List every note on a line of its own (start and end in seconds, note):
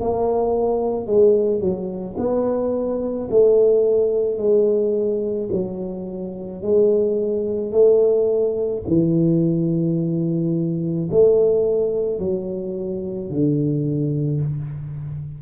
0.00 1.07 A#3
1.07 1.60 G#3
1.60 2.16 F#3
2.17 3.28 B3
3.30 4.38 A3
4.38 5.49 G#3
5.52 6.62 F#3
6.62 7.72 G#3
7.72 8.83 A3
8.87 11.10 E3
11.11 12.19 A3
12.19 13.30 F#3
13.30 14.41 D3